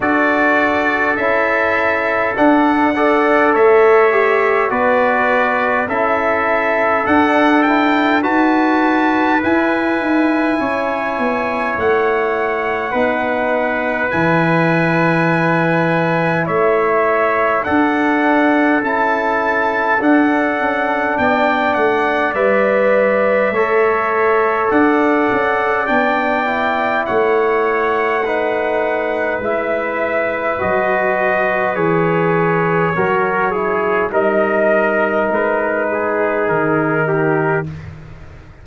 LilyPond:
<<
  \new Staff \with { instrumentName = "trumpet" } { \time 4/4 \tempo 4 = 51 d''4 e''4 fis''4 e''4 | d''4 e''4 fis''8 g''8 a''4 | gis''2 fis''2 | gis''2 e''4 fis''4 |
a''4 fis''4 g''8 fis''8 e''4~ | e''4 fis''4 g''4 fis''4~ | fis''4 e''4 dis''4 cis''4~ | cis''4 dis''4 b'4 ais'4 | }
  \new Staff \with { instrumentName = "trumpet" } { \time 4/4 a'2~ a'8 d''8 cis''4 | b'4 a'2 b'4~ | b'4 cis''2 b'4~ | b'2 cis''4 a'4~ |
a'2 d''2 | cis''4 d''2 cis''4 | b'1 | ais'8 gis'8 ais'4. gis'4 g'8 | }
  \new Staff \with { instrumentName = "trombone" } { \time 4/4 fis'4 e'4 d'8 a'4 g'8 | fis'4 e'4 d'8 e'8 fis'4 | e'2. dis'4 | e'2. d'4 |
e'4 d'2 b'4 | a'2 d'8 e'4. | dis'4 e'4 fis'4 gis'4 | fis'8 e'8 dis'2. | }
  \new Staff \with { instrumentName = "tuba" } { \time 4/4 d'4 cis'4 d'4 a4 | b4 cis'4 d'4 dis'4 | e'8 dis'8 cis'8 b8 a4 b4 | e2 a4 d'4 |
cis'4 d'8 cis'8 b8 a8 g4 | a4 d'8 cis'8 b4 a4~ | a4 gis4 fis4 e4 | fis4 g4 gis4 dis4 | }
>>